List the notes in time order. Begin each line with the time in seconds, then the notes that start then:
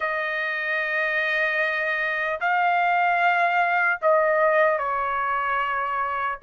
0.00 D#5
2.40 F5
4.01 D#5
4.78 C#5